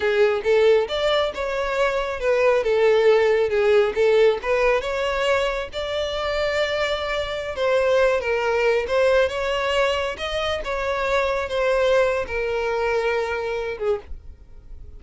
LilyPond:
\new Staff \with { instrumentName = "violin" } { \time 4/4 \tempo 4 = 137 gis'4 a'4 d''4 cis''4~ | cis''4 b'4 a'2 | gis'4 a'4 b'4 cis''4~ | cis''4 d''2.~ |
d''4~ d''16 c''4. ais'4~ ais'16~ | ais'16 c''4 cis''2 dis''8.~ | dis''16 cis''2 c''4.~ c''16 | ais'2.~ ais'8 gis'8 | }